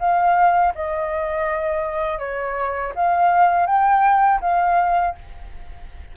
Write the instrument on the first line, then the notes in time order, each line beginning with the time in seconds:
flute
0.00 F5
0.75 D#5
2.19 C#5
2.96 F5
3.67 G5
4.41 F5